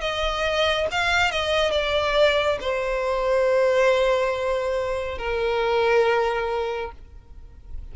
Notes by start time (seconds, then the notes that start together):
0.00 D#5
0.91 F5
1.31 D#5
1.71 D5
2.60 C5
5.18 A#4